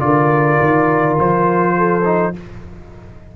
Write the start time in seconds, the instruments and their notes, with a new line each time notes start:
0.00 tuba D3, trombone F4, horn A#4, trumpet D5
0.61 tuba D#3
1.20 tuba F3, trumpet C5
1.77 horn A4
2.05 trombone D#4